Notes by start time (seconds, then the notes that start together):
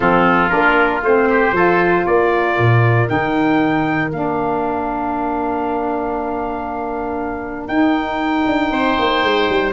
0.00 F3 C4 F4 A4
0.49 A#3 D4 A#4
1.03 A3 C4 C5
1.30 G4
1.52 F3 F4 A4
2.05 A#3 A#4 D5
2.58 A#2
3.06 D#3 D#4 G5
4.11 A#3 D4 F5
7.67 D#4 G5
8.46 D4
8.70 C4 C5
8.99 A#3
9.22 G#3
9.49 G3